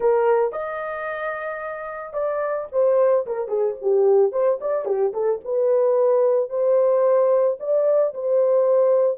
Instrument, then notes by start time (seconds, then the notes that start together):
horn
0.00 A#4
0.52 D#5
2.13 D5
2.72 C5
3.26 A#4
3.48 G#4
3.81 G4
4.32 C5
4.60 D5
4.85 G4
5.13 A4
5.44 B4
6.49 C5
7.59 D5
8.14 C5